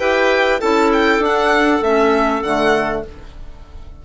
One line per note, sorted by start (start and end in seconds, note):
0.00 0.61 E4
0.00 0.61 G4
0.00 0.61 B4
0.00 0.61 G5
0.61 1.19 C#4
0.61 1.22 E4
0.61 3.03 A4
0.61 0.91 A5
0.93 1.23 G5
1.19 1.80 D4
1.19 1.83 D4
1.26 1.84 F#5
1.82 2.42 A3
1.82 2.45 C#4
1.82 2.43 E5
2.43 3.04 D3
2.43 3.06 A3
2.43 3.04 F#5